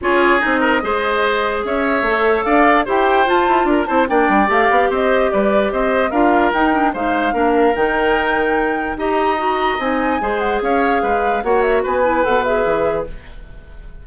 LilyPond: <<
  \new Staff \with { instrumentName = "flute" } { \time 4/4 \tempo 4 = 147 cis''4 dis''2. | e''2 f''4 g''4 | a''4 ais''8 a''8 g''4 f''4 | dis''4 d''4 dis''4 f''4 |
g''4 f''2 g''4~ | g''2 ais''2 | gis''4. fis''8 f''2 | fis''8 e''8 gis''4 fis''8 e''4. | }
  \new Staff \with { instrumentName = "oboe" } { \time 4/4 gis'4. ais'8 c''2 | cis''2 d''4 c''4~ | c''4 ais'8 c''8 d''2 | c''4 b'4 c''4 ais'4~ |
ais'4 c''4 ais'2~ | ais'2 dis''2~ | dis''4 c''4 cis''4 b'4 | cis''4 b'2. | }
  \new Staff \with { instrumentName = "clarinet" } { \time 4/4 f'4 dis'4 gis'2~ | gis'4 a'2 g'4 | f'4. e'8 d'4 g'4~ | g'2. f'4 |
dis'8 d'8 dis'4 d'4 dis'4~ | dis'2 g'4 fis'4 | dis'4 gis'2. | fis'4. e'8 a'8 gis'4. | }
  \new Staff \with { instrumentName = "bassoon" } { \time 4/4 cis'4 c'4 gis2 | cis'4 a4 d'4 e'4 | f'8 e'8 d'8 c'8 ais8 g8 a8 b8 | c'4 g4 c'4 d'4 |
dis'4 gis4 ais4 dis4~ | dis2 dis'2 | c'4 gis4 cis'4 gis4 | ais4 b4 b,4 e4 | }
>>